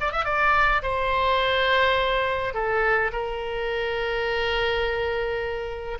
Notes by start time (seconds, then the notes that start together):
0.00 D5
0.12 E5
0.25 D5
0.82 C5
2.54 A4
3.12 A#4